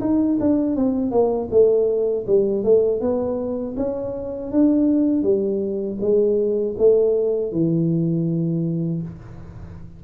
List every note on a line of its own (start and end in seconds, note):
0.00 0.38 D#4
0.40 0.75 D4
0.75 1.10 C4
1.10 1.48 A#3
1.50 2.25 A3
2.27 2.64 G3
2.64 3.00 A3
3.00 3.75 B3
3.76 4.51 C#4
4.51 5.22 D4
5.22 5.97 G3
6.00 6.75 G#3
6.77 7.52 A3
7.52 9.02 E3